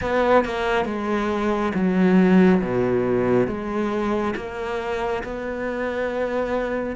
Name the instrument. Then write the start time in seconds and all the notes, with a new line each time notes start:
cello
0.01 B3
0.45 A#3
0.85 G#3
1.74 F#3
2.61 B2
3.47 G#3
4.36 A#3
5.23 B3